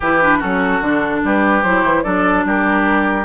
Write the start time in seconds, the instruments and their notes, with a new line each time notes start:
0.00 bassoon E3, clarinet E4, oboe G4, flute B4
0.22 clarinet D4
0.38 bassoon F#3, clarinet C#4, oboe F#4, flute A4
0.80 bassoon D3, clarinet D4
1.23 bassoon G3, oboe G4, flute B4
1.62 bassoon F#3, clarinet E4, flute C5
1.83 bassoon E3
2.03 bassoon F#3, clarinet D4, oboe A4, flute D5
2.45 bassoon G3, oboe G4, flute A#4